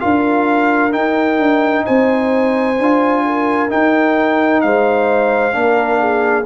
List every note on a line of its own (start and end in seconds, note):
0.00 0.95 D4
0.00 0.91 F4
0.00 1.86 A#4
0.00 0.92 F5
0.91 2.76 D#4
0.91 1.38 D#4
0.91 1.85 G5
1.38 1.85 D4
1.86 2.79 C4
1.86 3.24 C5
1.86 3.70 G#5
2.79 3.72 D4
2.79 3.69 F4
3.26 4.64 A#4
3.69 5.52 D#4
3.69 4.63 D#4
3.69 4.61 G5
4.61 5.55 G#3
4.61 5.56 C5
4.61 6.46 F5
5.52 6.46 A#3
5.52 6.44 D4
5.52 6.00 A#4
6.00 6.46 G#4